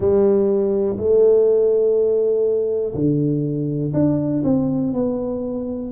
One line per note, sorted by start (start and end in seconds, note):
0.00 0.97 G3
0.97 2.93 A3
2.94 3.93 D3
3.93 4.42 D4
4.44 4.93 C4
4.93 5.91 B3